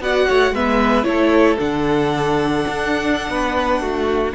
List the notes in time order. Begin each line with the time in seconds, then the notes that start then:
0.00 B3 F#4 D5 F#5
0.27 A3 C#5
0.51 G#3 B3 B4 E5
1.04 A3 E4 A4 C#5
1.59 D3 D4 F#5
2.68 D4
3.29 B3 B4
3.80 A3 F#4